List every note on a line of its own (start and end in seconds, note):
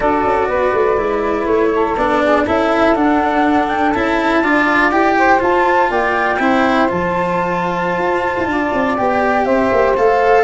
0.00 0.24 D4
0.00 0.97 F#4
0.00 0.47 A4
0.00 1.46 D5
0.24 0.47 C#4
0.47 0.72 B3
0.47 1.70 B4
0.73 0.97 A3
0.97 1.45 G#3
0.97 1.95 E4
1.45 1.95 A3
1.45 1.96 C#5
1.74 2.23 A4
1.96 2.46 B3
1.96 2.46 D4
1.96 2.45 D5
2.23 2.43 G#4
2.43 2.95 C#4
2.43 2.95 E4
2.43 4.40 A4
2.43 2.95 E5
2.95 3.93 D4
2.95 3.94 D4
2.95 3.69 F#5
3.69 3.92 G5
3.92 4.42 C#4
3.92 4.43 E4
3.92 4.90 A5
4.41 4.91 D4
4.41 4.91 F4
4.41 5.15 D5
4.91 5.40 E4
4.91 5.39 G4
4.91 5.40 G5
5.18 5.89 C5
5.39 6.37 F4
5.39 5.90 F4
5.39 5.91 A5
5.89 6.39 A#3
5.89 6.39 D5
5.89 6.89 G5
6.39 6.88 C4
6.39 6.88 E4
6.39 8.49 C5
6.88 7.98 F3
6.88 8.97 F4
6.88 8.97 A5
7.98 8.35 F4
8.37 8.46 E4
8.46 8.70 D4
8.46 9.45 D5
8.73 8.98 C4
8.97 9.45 B3
8.97 9.95 G4
8.97 9.45 G5
9.45 9.70 C4
9.45 10.43 C5
9.45 9.94 E5
9.71 9.96 A#3
9.96 10.43 A3
9.96 10.43 A4
9.96 10.43 F5